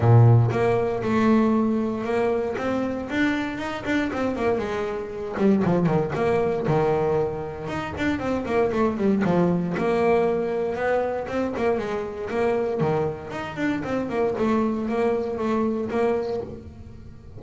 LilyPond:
\new Staff \with { instrumentName = "double bass" } { \time 4/4 \tempo 4 = 117 ais,4 ais4 a2 | ais4 c'4 d'4 dis'8 d'8 | c'8 ais8 gis4. g8 f8 dis8 | ais4 dis2 dis'8 d'8 |
c'8 ais8 a8 g8 f4 ais4~ | ais4 b4 c'8 ais8 gis4 | ais4 dis4 dis'8 d'8 c'8 ais8 | a4 ais4 a4 ais4 | }